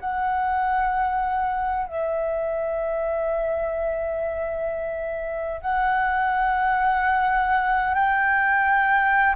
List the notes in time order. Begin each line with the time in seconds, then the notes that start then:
0.00 F#5
1.87 E5
5.61 F#5
7.95 G5